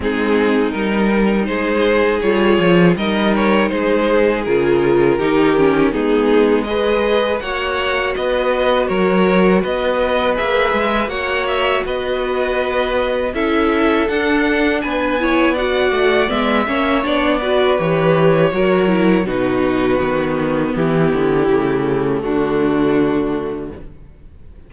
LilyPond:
<<
  \new Staff \with { instrumentName = "violin" } { \time 4/4 \tempo 4 = 81 gis'4 ais'4 c''4 cis''4 | dis''8 cis''8 c''4 ais'2 | gis'4 dis''4 fis''4 dis''4 | cis''4 dis''4 e''4 fis''8 e''8 |
dis''2 e''4 fis''4 | gis''4 fis''4 e''4 d''4 | cis''2 b'2 | g'2 fis'2 | }
  \new Staff \with { instrumentName = "violin" } { \time 4/4 dis'2 gis'2 | ais'4 gis'2 g'4 | dis'4 b'4 cis''4 b'4 | ais'4 b'2 cis''4 |
b'2 a'2 | b'8 cis''8 d''4. cis''4 b'8~ | b'4 ais'4 fis'2 | e'2 d'2 | }
  \new Staff \with { instrumentName = "viola" } { \time 4/4 c'4 dis'2 f'4 | dis'2 f'4 dis'8 cis'8 | b4 gis'4 fis'2~ | fis'2 gis'4 fis'4~ |
fis'2 e'4 d'4~ | d'8 e'8 fis'4 b8 cis'8 d'8 fis'8 | g'4 fis'8 e'8 dis'4 b4~ | b4 a2. | }
  \new Staff \with { instrumentName = "cello" } { \time 4/4 gis4 g4 gis4 g8 f8 | g4 gis4 cis4 dis4 | gis2 ais4 b4 | fis4 b4 ais8 gis8 ais4 |
b2 cis'4 d'4 | b4. a8 gis8 ais8 b4 | e4 fis4 b,4 dis4 | e8 d8 cis4 d2 | }
>>